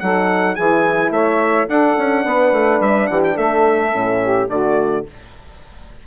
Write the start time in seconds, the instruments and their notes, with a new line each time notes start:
0.00 bassoon F#3, horn D#4, saxophone A4, trumpet F#5
0.55 bassoon E3, horn E4, saxophone G#4, trumpet G#5
1.11 bassoon A3, saxophone C#5, trumpet E5
1.67 horn D4, bassoon D4, saxophone A4, trumpet F#5
1.98 bassoon C#4
2.25 bassoon B3, saxophone B4
2.52 bassoon A3
2.81 bassoon G3, trumpet E5
3.07 bassoon E3, saxophone G4, trumpet F#5
3.24 trumpet G5
3.34 bassoon A3, saxophone A4, trumpet E5
3.93 bassoon A2, horn C#4
4.22 saxophone G4
4.50 bassoon D3, horn A3, saxophone F#4, trumpet D5